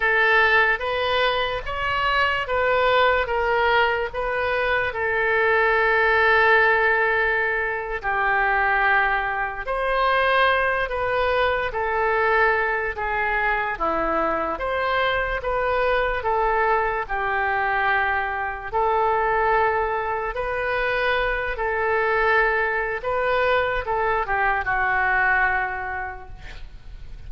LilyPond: \new Staff \with { instrumentName = "oboe" } { \time 4/4 \tempo 4 = 73 a'4 b'4 cis''4 b'4 | ais'4 b'4 a'2~ | a'4.~ a'16 g'2 c''16~ | c''4~ c''16 b'4 a'4. gis'16~ |
gis'8. e'4 c''4 b'4 a'16~ | a'8. g'2 a'4~ a'16~ | a'8. b'4. a'4.~ a'16 | b'4 a'8 g'8 fis'2 | }